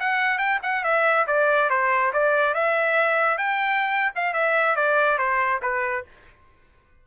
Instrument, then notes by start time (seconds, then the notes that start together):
trumpet
0.00 F#5
0.38 G5
0.63 F#5
0.84 E5
1.27 D5
1.70 C5
2.13 D5
2.55 E5
3.38 G5
4.16 F5
4.34 E5
4.76 D5
5.18 C5
5.63 B4